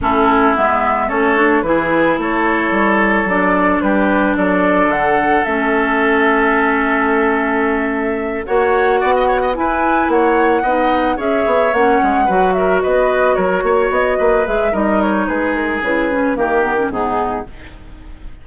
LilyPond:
<<
  \new Staff \with { instrumentName = "flute" } { \time 4/4 \tempo 4 = 110 a'4 e''4 cis''4 b'4 | cis''2 d''4 b'4 | d''4 fis''4 e''2~ | e''2.~ e''8 fis''8~ |
fis''4. gis''4 fis''4.~ | fis''8 e''4 fis''4. e''8 dis''8~ | dis''8 cis''4 dis''4 e''8 dis''8 cis''8 | b'8 ais'8 b'4 ais'4 gis'4 | }
  \new Staff \with { instrumentName = "oboe" } { \time 4/4 e'2 a'4 gis'4 | a'2. g'4 | a'1~ | a'2.~ a'8 cis''8~ |
cis''8 d''16 dis''16 cis''16 dis''16 b'4 cis''4 dis''8~ | dis''8 cis''2 b'8 ais'8 b'8~ | b'8 ais'8 cis''4 b'4 ais'4 | gis'2 g'4 dis'4 | }
  \new Staff \with { instrumentName = "clarinet" } { \time 4/4 cis'4 b4 cis'8 d'8 e'4~ | e'2 d'2~ | d'2 cis'2~ | cis'2.~ cis'8 fis'8~ |
fis'4. e'2 dis'8~ | dis'8 gis'4 cis'4 fis'4.~ | fis'2~ fis'8 gis'8 dis'4~ | dis'4 e'8 cis'8 ais8 b16 cis'16 b4 | }
  \new Staff \with { instrumentName = "bassoon" } { \time 4/4 a4 gis4 a4 e4 | a4 g4 fis4 g4 | fis4 d4 a2~ | a2.~ a8 ais8~ |
ais8 b4 e'4 ais4 b8~ | b8 cis'8 b8 ais8 gis8 fis4 b8~ | b8 fis8 ais8 b8 ais8 gis8 g4 | gis4 cis4 dis4 gis,4 | }
>>